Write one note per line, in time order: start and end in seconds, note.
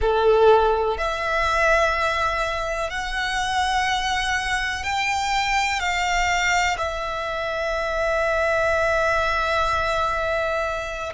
0.00 0.97 A4
0.97 2.89 E5
2.89 4.83 F#5
4.83 5.80 G5
5.80 6.77 F5
6.77 11.12 E5